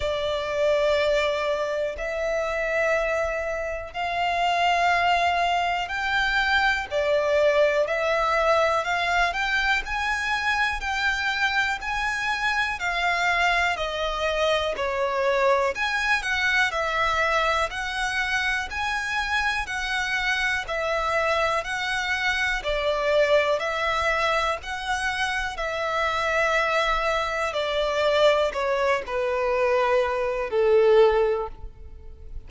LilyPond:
\new Staff \with { instrumentName = "violin" } { \time 4/4 \tempo 4 = 61 d''2 e''2 | f''2 g''4 d''4 | e''4 f''8 g''8 gis''4 g''4 | gis''4 f''4 dis''4 cis''4 |
gis''8 fis''8 e''4 fis''4 gis''4 | fis''4 e''4 fis''4 d''4 | e''4 fis''4 e''2 | d''4 cis''8 b'4. a'4 | }